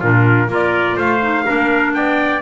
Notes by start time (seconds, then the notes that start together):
0.00 A#2 D4 F4 A#4
0.47 A#3 F4 A#4
0.54 D5
0.96 A3 C5 F5
1.20 D#4
1.46 A#3 D4 A#4
1.94 B3 D5 G5